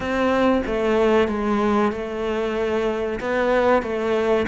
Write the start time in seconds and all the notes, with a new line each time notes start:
0.00 C4
0.66 A3
1.28 G#3
1.91 A3
3.20 B3
3.82 A3